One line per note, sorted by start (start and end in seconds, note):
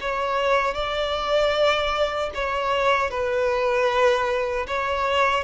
0.00 0.74 C#5
0.74 2.30 D5
2.34 3.10 C#5
3.10 4.66 B4
4.67 5.44 C#5